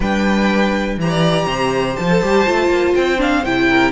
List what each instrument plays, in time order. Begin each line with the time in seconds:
0.00 cello G3, viola D4, violin B4 G5
0.97 cello E3, viola G4, violin C5 A#5
1.09 violin D5
1.45 cello C3, violin C5
1.95 cello F3, violin A5
2.10 viola A4
2.22 cello G3, viola G4
2.46 cello A3, viola F4
2.68 cello A#3
2.95 cello C4, violin G5
3.17 viola D4, violin F5
3.44 cello C3, viola E4, violin G5
3.69 violin A#4